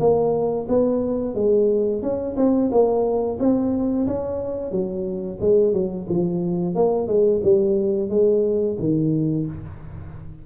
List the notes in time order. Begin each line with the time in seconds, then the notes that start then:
0.00 A#3
0.69 B3
1.35 G#3
2.02 C#4
2.37 C4
2.71 A#3
3.39 C4
4.07 C#4
4.71 F#3
5.41 G#3
5.73 F#3
6.09 F3
6.75 A#3
7.07 G#3
7.43 G3
8.10 G#3
8.79 D#3